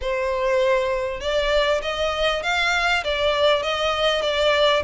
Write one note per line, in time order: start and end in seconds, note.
0.01 1.20 C5
1.20 1.81 D5
1.82 2.42 D#5
2.42 3.03 F5
3.04 3.62 D5
3.62 4.22 D#5
4.22 4.82 D5